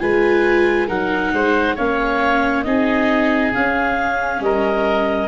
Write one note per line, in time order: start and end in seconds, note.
0.00 0.90 G#3
0.00 0.88 F4
0.00 0.88 B4
0.00 0.89 G#5
0.88 1.33 F#3
0.88 1.77 D#4
0.88 1.32 A#4
0.88 1.77 F#5
1.33 1.77 G#3
1.33 1.76 C5
1.76 2.66 A#3
1.76 2.65 C#4
1.76 2.64 C#5
1.76 2.63 F5
2.63 3.54 C4
2.63 3.53 D#4
2.63 4.44 G#4
2.63 3.52 D#5
3.54 5.29 C#4
3.54 4.40 C#4
3.54 4.42 F5
4.40 5.29 G3
4.40 5.29 A#4
4.40 5.29 D#5